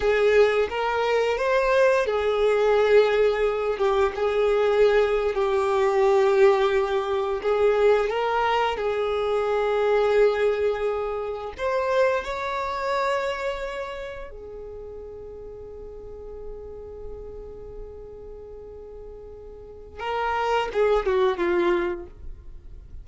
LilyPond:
\new Staff \with { instrumentName = "violin" } { \time 4/4 \tempo 4 = 87 gis'4 ais'4 c''4 gis'4~ | gis'4. g'8 gis'4.~ gis'16 g'16~ | g'2~ g'8. gis'4 ais'16~ | ais'8. gis'2.~ gis'16~ |
gis'8. c''4 cis''2~ cis''16~ | cis''8. gis'2.~ gis'16~ | gis'1~ | gis'4 ais'4 gis'8 fis'8 f'4 | }